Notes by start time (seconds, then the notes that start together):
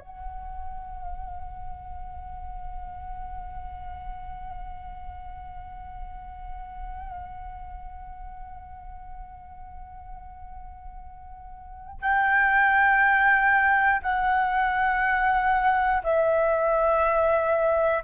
0.00 F#5
12.02 G5
14.02 F#5
16.03 E5